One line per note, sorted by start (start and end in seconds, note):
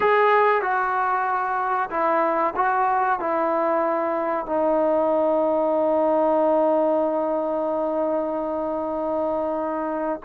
0.00 0.62 G#4
0.62 1.89 F#4
1.90 2.54 E4
2.55 3.19 F#4
3.19 4.45 E4
4.45 10.20 D#4